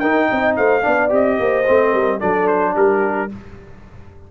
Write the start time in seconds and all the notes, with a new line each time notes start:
0.00 D#4 A#4 G5
0.30 C4 D#5
0.56 A3 C5 F5
0.82 B3 D4 D5
1.10 C4 G4 D#5
1.40 A#3 C5
1.67 A3 C4
1.92 G3 A#4
2.20 F#3 D4 A4 D5
2.47 C5
2.75 G3 G4 A#4